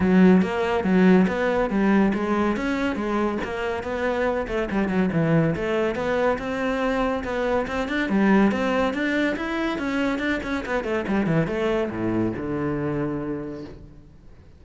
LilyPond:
\new Staff \with { instrumentName = "cello" } { \time 4/4 \tempo 4 = 141 fis4 ais4 fis4 b4 | g4 gis4 cis'4 gis4 | ais4 b4. a8 g8 fis8 | e4 a4 b4 c'4~ |
c'4 b4 c'8 d'8 g4 | c'4 d'4 e'4 cis'4 | d'8 cis'8 b8 a8 g8 e8 a4 | a,4 d2. | }